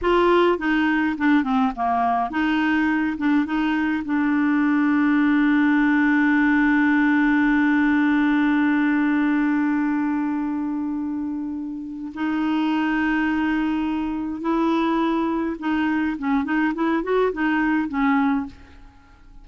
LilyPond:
\new Staff \with { instrumentName = "clarinet" } { \time 4/4 \tempo 4 = 104 f'4 dis'4 d'8 c'8 ais4 | dis'4. d'8 dis'4 d'4~ | d'1~ | d'1~ |
d'1~ | d'4 dis'2.~ | dis'4 e'2 dis'4 | cis'8 dis'8 e'8 fis'8 dis'4 cis'4 | }